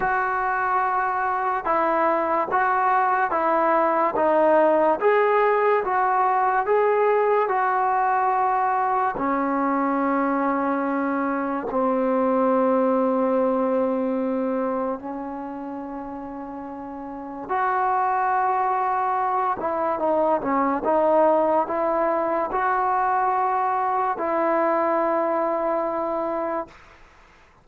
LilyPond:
\new Staff \with { instrumentName = "trombone" } { \time 4/4 \tempo 4 = 72 fis'2 e'4 fis'4 | e'4 dis'4 gis'4 fis'4 | gis'4 fis'2 cis'4~ | cis'2 c'2~ |
c'2 cis'2~ | cis'4 fis'2~ fis'8 e'8 | dis'8 cis'8 dis'4 e'4 fis'4~ | fis'4 e'2. | }